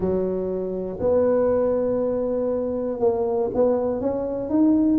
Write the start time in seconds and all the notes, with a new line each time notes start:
0.00 F#3
1.00 B3
2.99 A#3
3.54 B3
4.00 C#4
4.49 D#4